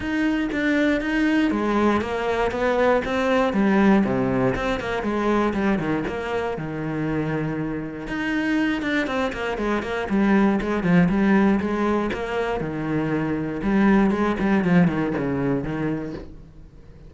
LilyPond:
\new Staff \with { instrumentName = "cello" } { \time 4/4 \tempo 4 = 119 dis'4 d'4 dis'4 gis4 | ais4 b4 c'4 g4 | c4 c'8 ais8 gis4 g8 dis8 | ais4 dis2. |
dis'4. d'8 c'8 ais8 gis8 ais8 | g4 gis8 f8 g4 gis4 | ais4 dis2 g4 | gis8 g8 f8 dis8 cis4 dis4 | }